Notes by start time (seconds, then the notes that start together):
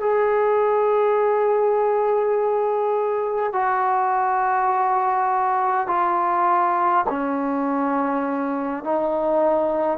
0.00 G#4
3.53 F#4
5.87 F4
7.10 C#4
8.84 D#4